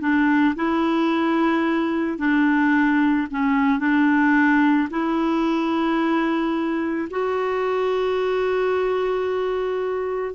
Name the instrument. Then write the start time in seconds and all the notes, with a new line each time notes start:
clarinet
0.00 D4
0.56 E4
2.18 D4
3.31 C#4
3.79 D4
4.90 E4
7.10 F#4